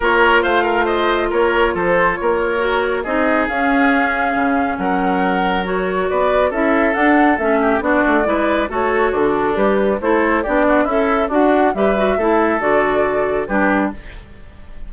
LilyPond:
<<
  \new Staff \with { instrumentName = "flute" } { \time 4/4 \tempo 4 = 138 cis''4 f''4 dis''4 cis''4 | c''4 cis''2 dis''4 | f''2. fis''4~ | fis''4 cis''4 d''4 e''4 |
fis''4 e''4 d''2 | cis''4 a'4 b'4 c''4 | d''4 e''4 fis''4 e''4~ | e''4 d''2 b'4 | }
  \new Staff \with { instrumentName = "oboe" } { \time 4/4 ais'4 c''8 ais'8 c''4 ais'4 | a'4 ais'2 gis'4~ | gis'2. ais'4~ | ais'2 b'4 a'4~ |
a'4. g'8 fis'4 b'4 | a'4 d'2 a'4 | g'8 fis'8 e'4 d'4 b'4 | a'2. g'4 | }
  \new Staff \with { instrumentName = "clarinet" } { \time 4/4 f'1~ | f'2 fis'4 dis'4 | cis'1~ | cis'4 fis'2 e'4 |
d'4 cis'4 d'4 e'4 | fis'2 g'4 e'4 | d'4 a'4 fis'4 g'8 fis'8 | e'4 fis'2 d'4 | }
  \new Staff \with { instrumentName = "bassoon" } { \time 4/4 ais4 a2 ais4 | f4 ais2 c'4 | cis'2 cis4 fis4~ | fis2 b4 cis'4 |
d'4 a4 b8 a8 gis4 | a4 d4 g4 a4 | b4 cis'4 d'4 g4 | a4 d2 g4 | }
>>